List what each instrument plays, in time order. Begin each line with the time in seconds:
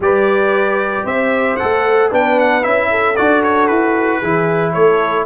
0.00 tuba G3, trombone G4, horn B4, trumpet D5
1.04 tuba C4, horn C5, trumpet E5
1.56 tuba A3, trombone A4, trumpet F#5
2.10 tuba B3, trombone D4, horn B4, trumpet G5
2.39 trumpet F#5
2.62 tuba C#4, trombone E4, trumpet E5
2.90 horn A4
3.16 tuba D4, trombone F#4, trumpet D5
3.43 trumpet C#5
3.67 tuba E4, trumpet B4
4.20 tuba E3, trombone E4, horn G#4
4.72 tuba A3, horn A4, trumpet C#5